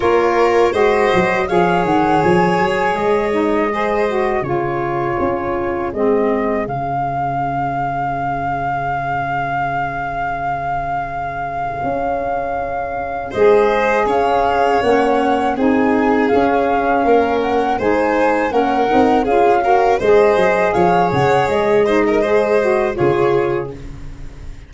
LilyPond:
<<
  \new Staff \with { instrumentName = "flute" } { \time 4/4 \tempo 4 = 81 cis''4 dis''4 f''8 fis''8 gis''4 | dis''2 cis''2 | dis''4 f''2.~ | f''1~ |
f''2 dis''4 f''4 | fis''4 gis''4 f''4. fis''8 | gis''4 fis''4 f''4 dis''4 | f''8 fis''8 dis''2 cis''4 | }
  \new Staff \with { instrumentName = "violin" } { \time 4/4 ais'4 c''4 cis''2~ | cis''4 c''4 gis'2~ | gis'1~ | gis'1~ |
gis'2 c''4 cis''4~ | cis''4 gis'2 ais'4 | c''4 ais'4 gis'8 ais'8 c''4 | cis''4. c''16 ais'16 c''4 gis'4 | }
  \new Staff \with { instrumentName = "saxophone" } { \time 4/4 f'4 fis'4 gis'2~ | gis'8 dis'8 gis'8 fis'8 f'2 | c'4 cis'2.~ | cis'1~ |
cis'2 gis'2 | cis'4 dis'4 cis'2 | dis'4 cis'8 dis'8 f'8 fis'8 gis'4~ | gis'4. dis'8 gis'8 fis'8 f'4 | }
  \new Staff \with { instrumentName = "tuba" } { \time 4/4 ais4 gis8 fis8 f8 dis8 f8 fis8 | gis2 cis4 cis'4 | gis4 cis2.~ | cis1 |
cis'2 gis4 cis'4 | ais4 c'4 cis'4 ais4 | gis4 ais8 c'8 cis'4 gis8 fis8 | f8 cis8 gis2 cis4 | }
>>